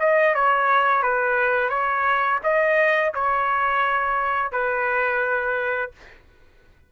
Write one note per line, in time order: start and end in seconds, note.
0.00 0.35 D#5
0.35 1.03 C#5
1.03 1.70 B4
1.70 2.40 C#5
2.44 3.13 D#5
3.15 4.52 C#5
4.52 5.92 B4